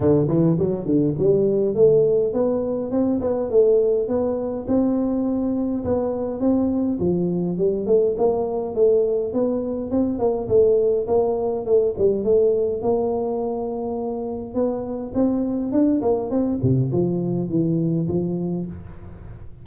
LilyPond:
\new Staff \with { instrumentName = "tuba" } { \time 4/4 \tempo 4 = 103 d8 e8 fis8 d8 g4 a4 | b4 c'8 b8 a4 b4 | c'2 b4 c'4 | f4 g8 a8 ais4 a4 |
b4 c'8 ais8 a4 ais4 | a8 g8 a4 ais2~ | ais4 b4 c'4 d'8 ais8 | c'8 c8 f4 e4 f4 | }